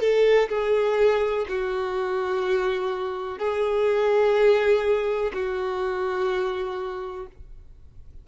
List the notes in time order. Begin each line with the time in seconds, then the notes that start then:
0.00 A4
0.48 G#4
1.48 F#4
3.38 G#4
5.33 F#4